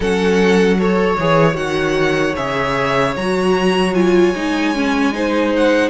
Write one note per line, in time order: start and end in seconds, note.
0.00 1.16 F#3
0.00 0.78 C#4
0.00 0.77 A4
0.00 0.80 F#5
0.78 1.18 A4
0.78 5.12 C#5
0.78 1.56 C#5
1.18 1.55 E3
1.18 1.53 G#4
1.53 2.34 D#3
1.53 2.32 F#4
1.53 2.35 F#5
2.36 3.16 C#3
2.36 3.16 G#4
2.36 3.15 E5
3.16 4.34 F#3
3.16 3.94 F#4
3.16 3.94 A#5
3.94 4.33 F4
3.94 5.52 G#5
4.34 5.89 G#3
4.34 4.74 D#4
4.74 5.12 C#4
5.12 5.89 D#4
5.12 5.89 C5
5.56 5.89 F#5